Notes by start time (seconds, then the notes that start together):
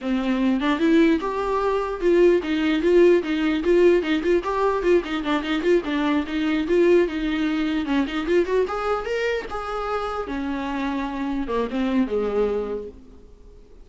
0.01 C4
0.60 D4
0.79 E4
1.20 G4
2.00 F4
2.42 D#4
2.82 F4
3.23 D#4
3.63 F4
4.02 D#4
4.22 F4
4.43 G4
4.82 F4
5.04 D#4
5.23 D4
5.43 D#4
5.62 F4
5.85 D4
6.26 D#4
6.67 F4
7.07 D#4
7.85 C#4
8.07 D#4
8.27 F4
8.45 F#4
8.67 G#4
9.05 A#4
9.49 G#4
10.27 C#4
11.47 A#3
11.70 C4
12.07 G#3